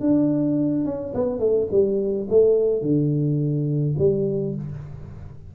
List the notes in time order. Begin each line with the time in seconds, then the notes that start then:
0.00 D4
0.85 C#4
1.14 B3
1.39 A3
1.71 G3
2.29 A3
2.82 D3
3.98 G3